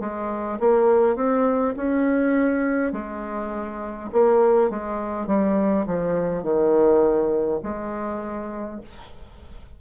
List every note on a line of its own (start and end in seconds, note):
0.00 0.59 G#3
0.60 1.16 A#3
1.16 1.74 C4
1.76 2.93 C#4
2.93 4.10 G#3
4.13 4.70 A#3
4.70 5.27 G#3
5.27 5.86 G3
5.87 6.43 F3
6.43 7.60 D#3
7.63 8.81 G#3